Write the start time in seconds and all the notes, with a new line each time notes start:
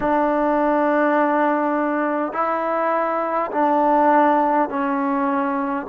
0.00 D4
2.33 E4
3.51 D4
4.69 C#4